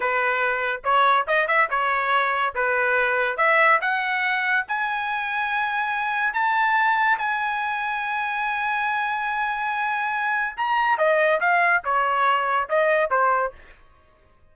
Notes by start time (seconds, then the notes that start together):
0.00 B4
0.84 C#5
1.27 D#5
1.47 E5
1.70 C#5
2.54 B4
3.37 E5
3.81 F#5
4.67 G#5
6.33 A5
7.18 G#5
10.56 A#5
10.97 D#5
11.40 F5
11.84 C#5
12.69 D#5
13.10 C5